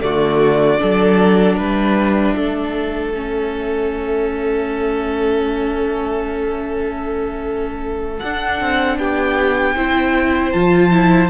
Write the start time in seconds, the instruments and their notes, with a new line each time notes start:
0.00 cello D3, viola A3, violin F#4 D5
0.79 cello F#3, viola D4, violin A4
1.57 cello G3, violin B4 E5
2.36 cello A3, violin A4
3.14 viola C#4
8.19 cello D4, viola D4, violin F#5
8.61 cello C4
8.97 cello B3, violin G4 G5
9.75 cello C4, viola E4, violin C5
10.52 cello F3, viola F4, violin A5
10.92 viola E4